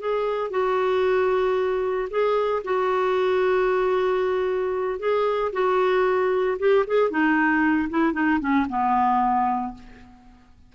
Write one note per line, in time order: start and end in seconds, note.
0.00 0.51 G#4
0.51 2.09 F#4
2.11 2.63 G#4
2.65 5.00 F#4
5.00 5.52 G#4
5.53 6.58 F#4
6.59 6.86 G4
6.87 7.10 G#4
7.10 7.89 D#4
7.90 8.13 E4
8.13 8.40 D#4
8.40 8.67 C#4
8.69 9.75 B3